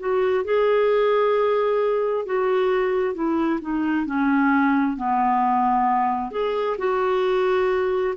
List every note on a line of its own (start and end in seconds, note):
0.00 0.45 F#4
0.45 2.26 G#4
2.26 3.14 F#4
3.14 3.60 E4
3.62 4.06 D#4
4.06 4.97 C#4
4.97 6.32 B3
6.32 6.77 G#4
6.78 8.14 F#4